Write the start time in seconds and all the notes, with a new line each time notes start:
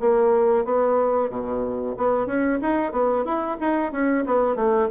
0.00 A#3
0.65 B3
1.30 B2
1.97 B3
2.26 C#4
2.61 D#4
2.92 B3
3.25 E4
3.60 D#4
3.92 C#4
4.26 B3
4.56 A3